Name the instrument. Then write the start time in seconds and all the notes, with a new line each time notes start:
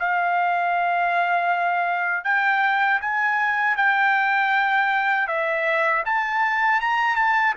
trumpet
0.00 F5
2.25 G5
3.01 G#5
3.77 G5
5.28 E5
6.06 A5
6.81 A#5
7.16 A5